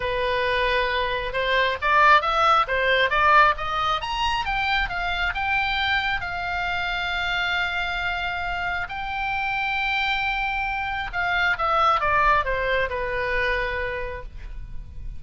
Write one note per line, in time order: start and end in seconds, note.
0.00 1.32 B4
1.32 1.77 C5
1.81 2.21 D5
2.21 2.65 E5
2.67 3.10 C5
3.10 3.54 D5
3.57 4.01 D#5
4.01 4.45 A#5
4.45 4.89 G5
4.89 5.33 F5
5.34 6.21 G5
6.21 8.87 F5
8.88 11.11 G5
11.13 11.57 F5
11.58 12.00 E5
12.00 12.44 D5
12.44 12.89 C5
12.89 14.23 B4